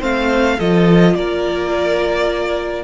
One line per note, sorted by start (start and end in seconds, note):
0.00 0.60 A3
0.00 0.57 C4
0.00 0.57 C5
0.00 0.59 F5
0.58 1.15 F3
0.58 2.84 F4
0.58 1.14 A4
0.58 1.16 D#5
1.15 2.84 A#3
1.15 2.84 A#4
1.15 2.84 D5